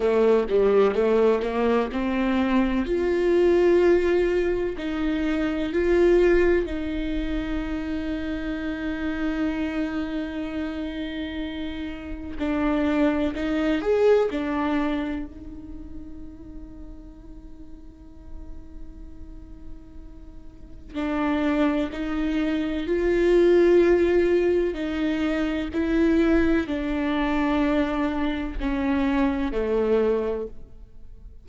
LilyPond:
\new Staff \with { instrumentName = "viola" } { \time 4/4 \tempo 4 = 63 a8 g8 a8 ais8 c'4 f'4~ | f'4 dis'4 f'4 dis'4~ | dis'1~ | dis'4 d'4 dis'8 gis'8 d'4 |
dis'1~ | dis'2 d'4 dis'4 | f'2 dis'4 e'4 | d'2 cis'4 a4 | }